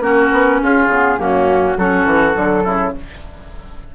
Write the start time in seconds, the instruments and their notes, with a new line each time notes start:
0.00 bassoon A#3, clarinet C#4, oboe F#4, flute A#4
0.31 bassoon B3
0.62 bassoon C#4, oboe F4, flute G#4
0.87 bassoon C#3, clarinet B3
1.16 bassoon F#2, clarinet A#3, oboe C#4, flute F#4
1.77 bassoon F#3, clarinet C#4, oboe F#4, flute A4
2.05 bassoon E3
2.33 bassoon D3, clarinet F#3
2.63 bassoon C#3, oboe E4